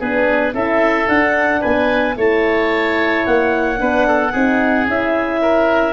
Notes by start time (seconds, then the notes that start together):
0.00 B3 D4 G#4 B4
0.54 C#4 E4 A4 E5
1.08 D4 F#5
1.61 B3 B4 G#5
2.17 A3 E4 C#5 A5
3.26 A#3 F#5
3.78 B3 D4 B4
4.08 A4
4.32 C4 D#4 G#4
4.87 C#4 E4 E5
5.42 A#4